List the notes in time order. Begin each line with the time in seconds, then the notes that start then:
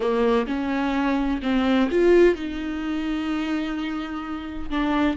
0.00 A#3
0.47 C#4
1.42 C4
1.90 F4
2.35 D#4
4.70 D4